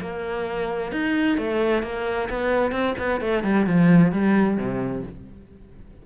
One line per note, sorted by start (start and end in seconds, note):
0.00 0.91 A#3
0.91 1.37 D#4
1.37 1.83 A3
1.83 2.28 A#3
2.29 2.71 B3
2.71 2.94 C4
2.98 3.20 B3
3.20 3.43 A3
3.43 3.66 G3
3.66 4.12 F3
4.12 4.57 G3
4.57 5.02 C3